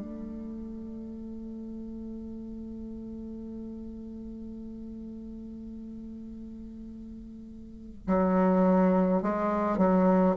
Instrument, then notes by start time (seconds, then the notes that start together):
bassoon
0.00 A3
8.07 F#3
9.23 G#3
9.78 F#3